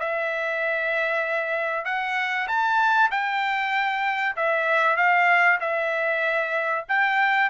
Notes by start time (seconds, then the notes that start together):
0.00 E5
1.86 F#5
2.48 A5
3.11 G5
4.37 E5
4.97 F5
5.61 E5
6.89 G5